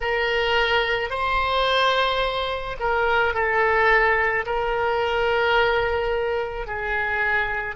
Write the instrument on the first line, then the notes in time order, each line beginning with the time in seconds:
oboe
0.00 A#4
1.10 C5
2.79 A#4
3.33 A4
4.45 A#4
6.66 G#4